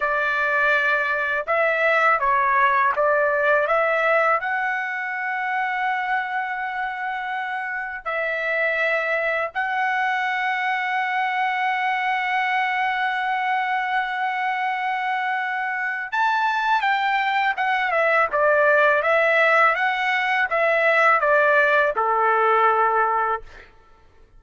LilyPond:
\new Staff \with { instrumentName = "trumpet" } { \time 4/4 \tempo 4 = 82 d''2 e''4 cis''4 | d''4 e''4 fis''2~ | fis''2. e''4~ | e''4 fis''2.~ |
fis''1~ | fis''2 a''4 g''4 | fis''8 e''8 d''4 e''4 fis''4 | e''4 d''4 a'2 | }